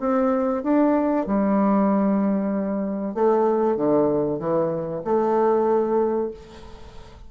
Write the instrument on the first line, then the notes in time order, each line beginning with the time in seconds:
bassoon
0.00 C4
0.63 D4
1.27 G3
3.14 A3
3.77 D3
4.39 E3
5.04 A3